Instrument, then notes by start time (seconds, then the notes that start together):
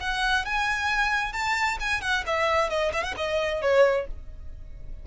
violin
0.00 F#5
0.45 G#5
1.33 A5
1.80 G#5
2.01 F#5
2.26 E5
2.69 D#5
2.93 E5
3.03 F#5
3.17 D#5
3.62 C#5